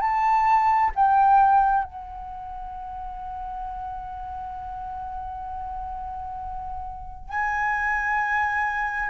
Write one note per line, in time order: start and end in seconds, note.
0.00 0.91 A5
0.95 1.83 G5
1.83 7.29 F#5
7.29 9.09 G#5